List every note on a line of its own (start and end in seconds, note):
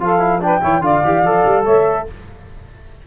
0.00 0.62 F3
0.00 0.20 F4
0.00 0.43 A4
0.00 0.42 F5
0.20 0.40 E4
0.41 0.61 D4
0.41 0.62 B4
0.41 0.83 G5
0.62 0.81 E3
0.62 0.82 E4
0.62 0.83 C#5
0.81 1.02 D3
0.81 1.02 F4
0.81 1.63 D5
0.81 1.65 F5
1.04 1.23 E3
1.04 1.26 G4
1.23 1.44 F3
1.23 2.08 A4
1.45 1.66 G3
1.63 2.07 A3
1.63 2.04 C#5
1.63 2.07 E5